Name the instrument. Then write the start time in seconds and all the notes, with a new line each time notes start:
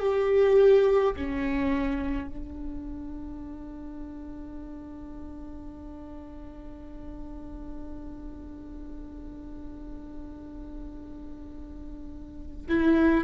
viola
0.00 G4
1.16 C#4
2.28 D4
12.69 E4